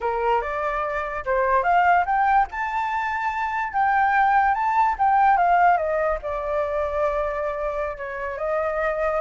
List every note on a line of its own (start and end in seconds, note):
0.00 0.41 A#4
0.41 1.24 D5
1.25 1.63 C5
1.63 2.04 F5
2.05 2.47 G5
2.51 3.72 A5
3.72 4.54 G5
4.54 4.95 A5
4.98 5.37 G5
5.37 5.77 F5
5.77 6.18 D#5
6.22 7.97 D5
7.97 8.38 C#5
8.38 9.20 D#5